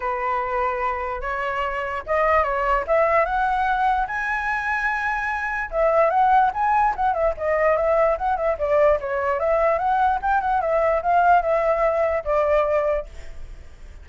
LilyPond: \new Staff \with { instrumentName = "flute" } { \time 4/4 \tempo 4 = 147 b'2. cis''4~ | cis''4 dis''4 cis''4 e''4 | fis''2 gis''2~ | gis''2 e''4 fis''4 |
gis''4 fis''8 e''8 dis''4 e''4 | fis''8 e''8 d''4 cis''4 e''4 | fis''4 g''8 fis''8 e''4 f''4 | e''2 d''2 | }